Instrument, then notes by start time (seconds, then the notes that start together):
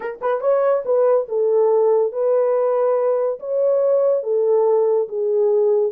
horn
0.00 A#4
0.21 B4
0.41 C#5
0.85 B4
1.28 A4
2.12 B4
3.39 C#5
4.23 A4
5.08 G#4